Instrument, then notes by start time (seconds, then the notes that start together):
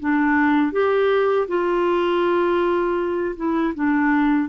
clarinet
0.00 D4
0.73 G4
1.48 F4
3.36 E4
3.75 D4